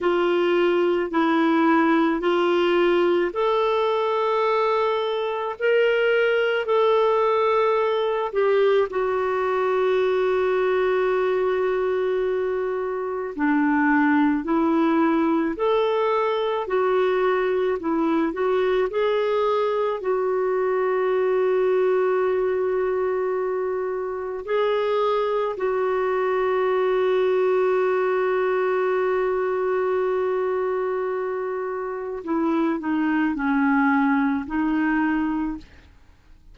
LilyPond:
\new Staff \with { instrumentName = "clarinet" } { \time 4/4 \tempo 4 = 54 f'4 e'4 f'4 a'4~ | a'4 ais'4 a'4. g'8 | fis'1 | d'4 e'4 a'4 fis'4 |
e'8 fis'8 gis'4 fis'2~ | fis'2 gis'4 fis'4~ | fis'1~ | fis'4 e'8 dis'8 cis'4 dis'4 | }